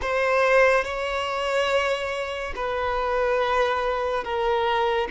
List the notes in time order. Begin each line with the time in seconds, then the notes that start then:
0.01 C5
0.84 C#5
2.55 B4
4.23 A#4